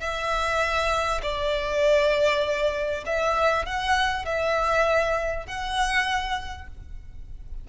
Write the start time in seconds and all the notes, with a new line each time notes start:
0.00 E5
1.22 D5
3.06 E5
3.66 F#5
4.25 E5
5.47 F#5